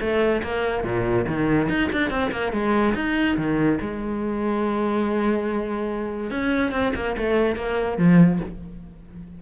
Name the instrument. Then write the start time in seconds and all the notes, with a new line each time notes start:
cello
0.00 A3
0.43 A#3
0.84 A#2
1.27 D#3
1.69 D#4
1.92 D4
2.10 C4
2.31 A#3
2.52 G#3
2.94 D#4
3.37 D#3
3.81 G#3
6.30 C#4
6.72 C4
6.95 A#3
7.17 A3
7.55 A#3
7.97 F3